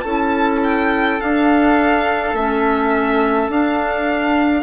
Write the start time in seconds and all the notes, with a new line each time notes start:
0.00 C#4 E4 A4 A5
0.63 G5
1.20 D4 F5
2.33 A3 C#4 E5
3.48 D4 F5